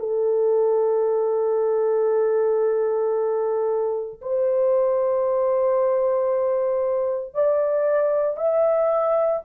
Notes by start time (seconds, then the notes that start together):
0.00 A4
4.22 C5
7.35 D5
8.37 E5